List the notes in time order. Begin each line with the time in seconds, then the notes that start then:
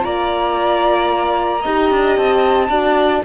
0.00 A#3 F4 D5 A#5
1.62 D#4 G4 D#5
1.90 D4
2.17 C4 A5
2.69 D4 F#4 D5